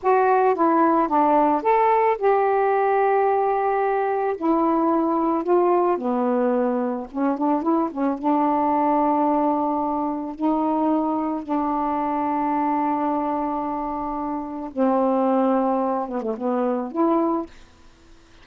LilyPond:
\new Staff \with { instrumentName = "saxophone" } { \time 4/4 \tempo 4 = 110 fis'4 e'4 d'4 a'4 | g'1 | e'2 f'4 b4~ | b4 cis'8 d'8 e'8 cis'8 d'4~ |
d'2. dis'4~ | dis'4 d'2.~ | d'2. c'4~ | c'4. b16 a16 b4 e'4 | }